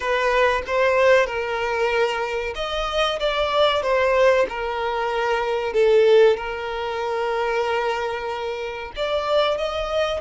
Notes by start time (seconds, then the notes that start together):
0.00 B4
0.66 C5
1.26 A#4
2.55 D#5
3.19 D5
3.82 C5
4.49 A#4
5.73 A4
6.37 A#4
8.95 D5
9.57 D#5